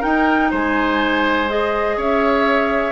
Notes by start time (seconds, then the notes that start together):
0.00 D#4 A#4 G5
0.51 G#3 C5 G#5
1.49 G#4 D#5
1.97 C#4 C#5 E5